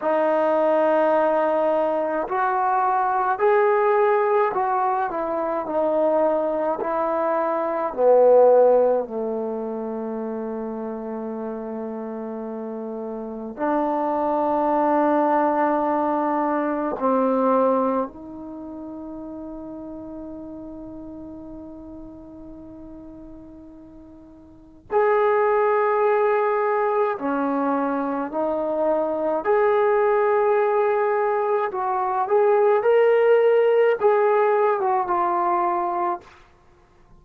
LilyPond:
\new Staff \with { instrumentName = "trombone" } { \time 4/4 \tempo 4 = 53 dis'2 fis'4 gis'4 | fis'8 e'8 dis'4 e'4 b4 | a1 | d'2. c'4 |
dis'1~ | dis'2 gis'2 | cis'4 dis'4 gis'2 | fis'8 gis'8 ais'4 gis'8. fis'16 f'4 | }